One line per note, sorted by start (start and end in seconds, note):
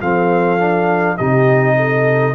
0.00 1.18 F3
0.00 0.58 C4
0.00 1.17 A4
0.00 1.17 F5
0.58 1.17 D4
1.17 2.34 C3
1.17 2.34 D#4
1.17 1.75 G4
1.17 2.34 D#5
1.76 2.34 A4